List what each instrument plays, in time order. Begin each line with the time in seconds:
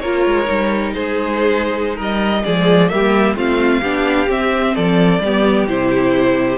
0.00 cello A#3, viola F4, violin A#4 C#5
0.26 cello G#3
0.45 cello G3, viola D#4
0.94 cello G#3, violin G#4 C5
1.96 cello G3, violin A#4 D#5
2.44 cello F3, viola G#3, violin G#4 D5
2.89 cello G3, viola A#3, violin G4 E5
3.35 cello A3, viola C4, violin F4 F5
3.81 cello B3, viola D4, violin G4
4.27 viola C4, cello C4, violin E5
4.75 cello F3, violin A4 D5
5.20 cello G3, viola B3, violin G4
5.68 cello C3, viola E4, violin C5